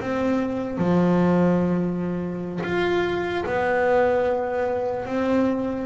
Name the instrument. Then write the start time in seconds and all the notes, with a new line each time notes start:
double bass
0.00 C4
0.77 F3
2.63 F4
3.46 B3
5.05 C4